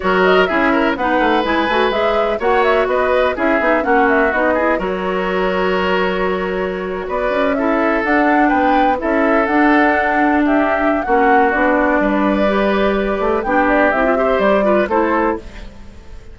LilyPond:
<<
  \new Staff \with { instrumentName = "flute" } { \time 4/4 \tempo 4 = 125 cis''8 dis''8 e''4 fis''4 gis''4 | e''4 fis''8 e''8 dis''4 e''4 | fis''8 e''8 dis''4 cis''2~ | cis''2~ cis''8. d''4 e''16~ |
e''8. fis''4 g''4 e''4 fis''16~ | fis''4.~ fis''16 e''4~ e''16 fis''4 | d''1 | g''8 d''8 e''4 d''4 c''4 | }
  \new Staff \with { instrumentName = "oboe" } { \time 4/4 ais'4 gis'8 ais'8 b'2~ | b'4 cis''4 b'4 gis'4 | fis'4. gis'8 ais'2~ | ais'2~ ais'8. b'4 a'16~ |
a'4.~ a'16 b'4 a'4~ a'16~ | a'4.~ a'16 g'4~ g'16 fis'4~ | fis'4 b'2. | g'4. c''4 b'8 a'4 | }
  \new Staff \with { instrumentName = "clarinet" } { \time 4/4 fis'4 e'4 dis'4 e'8 fis'8 | gis'4 fis'2 e'8 dis'8 | cis'4 dis'8 e'8 fis'2~ | fis'2.~ fis'8. e'16~ |
e'8. d'2 e'4 d'16~ | d'2. cis'4 | d'2 g'2 | d'4 e'16 f'16 g'4 f'8 e'4 | }
  \new Staff \with { instrumentName = "bassoon" } { \time 4/4 fis4 cis'4 b8 a8 gis8 a8 | gis4 ais4 b4 cis'8 b8 | ais4 b4 fis2~ | fis2~ fis8. b8 cis'8.~ |
cis'8. d'4 b4 cis'4 d'16~ | d'2. ais4 | b4 g2~ g8 a8 | b4 c'4 g4 a4 | }
>>